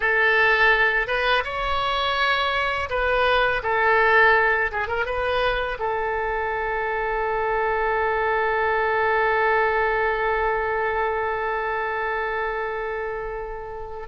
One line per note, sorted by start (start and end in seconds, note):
0.00 1.07 A4
1.07 1.43 B4
1.44 2.89 C#5
2.89 3.61 B4
3.62 4.71 A4
4.71 4.87 G#4
4.87 5.05 A#4
5.05 5.78 B4
5.79 14.08 A4